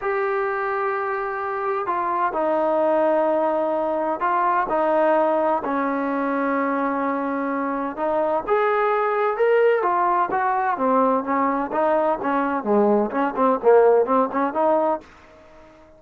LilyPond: \new Staff \with { instrumentName = "trombone" } { \time 4/4 \tempo 4 = 128 g'1 | f'4 dis'2.~ | dis'4 f'4 dis'2 | cis'1~ |
cis'4 dis'4 gis'2 | ais'4 f'4 fis'4 c'4 | cis'4 dis'4 cis'4 gis4 | cis'8 c'8 ais4 c'8 cis'8 dis'4 | }